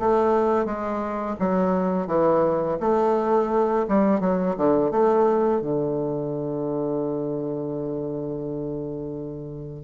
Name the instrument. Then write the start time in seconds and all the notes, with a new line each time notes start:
bassoon
0.00 A3
0.66 G#3
1.40 F#3
2.08 E3
2.81 A3
3.89 G3
4.21 F#3
4.57 D3
4.92 A3
5.62 D3